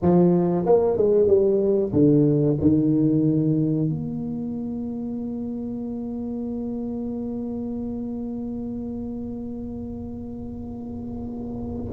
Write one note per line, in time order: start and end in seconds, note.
0.02 0.65 F3
0.65 0.96 A#3
0.96 1.27 G#3
1.27 1.91 G3
1.92 2.57 D3
2.60 3.89 D#3
3.89 11.93 A#3